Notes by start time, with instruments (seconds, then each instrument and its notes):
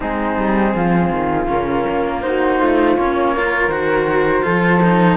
0.00 cello G#3 C4, flute D#4 G#4
0.37 cello G3
0.74 cello F3, flute F4
1.10 cello D#3
1.47 cello C#3 C#4, flute A#4
1.88 cello A#3
2.21 cello D#4, flute F#4 C5
2.60 cello A3, flute F4
2.95 cello A#3 C#4, flute C#5
3.35 cello F4, flute A#4
3.67 cello D#3 F#4, flute C5
4.42 cello F3 F4, flute A4
4.82 cello D#4